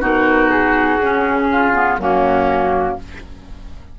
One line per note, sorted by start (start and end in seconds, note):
0.00 0.98 B2
0.00 0.99 D#4
0.00 1.48 F#4
0.00 0.50 A#4
0.50 1.98 G#4
1.00 1.96 C#3
1.00 1.74 C#4
1.52 2.00 F4
1.74 1.98 B3
1.96 2.94 F#2
1.96 2.99 A#3
1.96 2.98 C#4
1.96 2.96 F#4